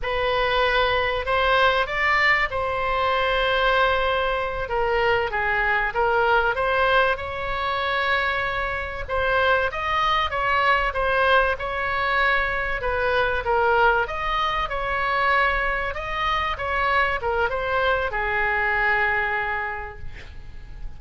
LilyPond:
\new Staff \with { instrumentName = "oboe" } { \time 4/4 \tempo 4 = 96 b'2 c''4 d''4 | c''2.~ c''8 ais'8~ | ais'8 gis'4 ais'4 c''4 cis''8~ | cis''2~ cis''8 c''4 dis''8~ |
dis''8 cis''4 c''4 cis''4.~ | cis''8 b'4 ais'4 dis''4 cis''8~ | cis''4. dis''4 cis''4 ais'8 | c''4 gis'2. | }